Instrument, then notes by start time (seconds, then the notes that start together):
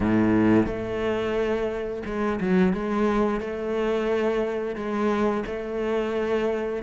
cello
0.00 A2
0.66 A3
2.05 G#3
2.40 F#3
2.73 G#3
3.40 A3
4.75 G#3
5.46 A3